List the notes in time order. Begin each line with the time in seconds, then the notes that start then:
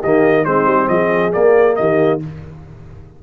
0.00 D#3 A#3 G4 D#5
0.45 G#3 C4 D#4 C5
0.66 G3
0.88 F3 G#4 D#5
1.32 A#3 D5
1.76 D#3 G4 D#5